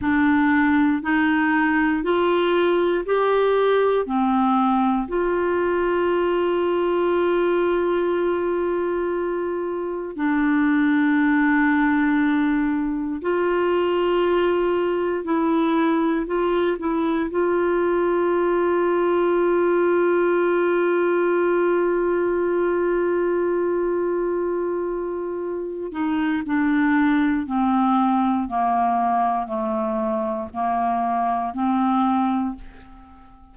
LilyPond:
\new Staff \with { instrumentName = "clarinet" } { \time 4/4 \tempo 4 = 59 d'4 dis'4 f'4 g'4 | c'4 f'2.~ | f'2 d'2~ | d'4 f'2 e'4 |
f'8 e'8 f'2.~ | f'1~ | f'4. dis'8 d'4 c'4 | ais4 a4 ais4 c'4 | }